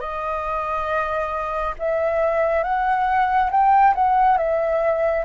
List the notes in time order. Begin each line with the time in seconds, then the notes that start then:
0.00 D#5
1.79 E5
2.63 F#5
3.51 G5
3.95 F#5
4.38 E5